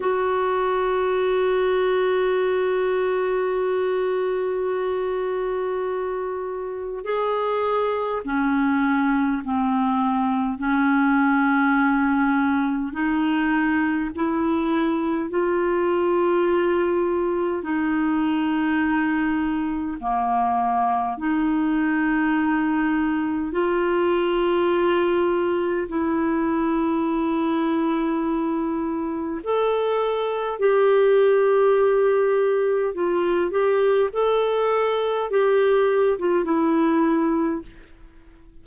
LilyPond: \new Staff \with { instrumentName = "clarinet" } { \time 4/4 \tempo 4 = 51 fis'1~ | fis'2 gis'4 cis'4 | c'4 cis'2 dis'4 | e'4 f'2 dis'4~ |
dis'4 ais4 dis'2 | f'2 e'2~ | e'4 a'4 g'2 | f'8 g'8 a'4 g'8. f'16 e'4 | }